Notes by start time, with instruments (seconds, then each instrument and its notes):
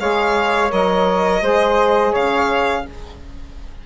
0.00 bassoon G#3, saxophone G#4, flute C#5, violin F5
0.70 bassoon F#3, saxophone A#4, violin D#5
1.42 bassoon G#3, saxophone G#4, flute C5
2.12 bassoon C#3, flute C#5, violin F5